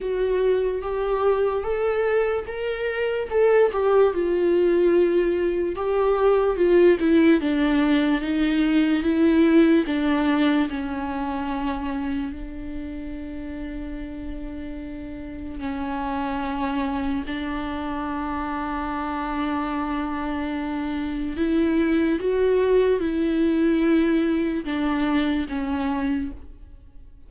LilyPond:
\new Staff \with { instrumentName = "viola" } { \time 4/4 \tempo 4 = 73 fis'4 g'4 a'4 ais'4 | a'8 g'8 f'2 g'4 | f'8 e'8 d'4 dis'4 e'4 | d'4 cis'2 d'4~ |
d'2. cis'4~ | cis'4 d'2.~ | d'2 e'4 fis'4 | e'2 d'4 cis'4 | }